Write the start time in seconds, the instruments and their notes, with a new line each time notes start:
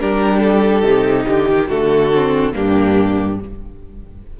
0.00 cello G3, viola D4, violin G4 A#4
0.39 violin A4
0.82 cello C3, viola D#4
1.28 cello D3, violin G4
1.49 cello D#3
1.67 cello D3, viola A3, violin F#4 A4
2.15 viola C4
2.53 cello G2, viola A#3, violin D4 G4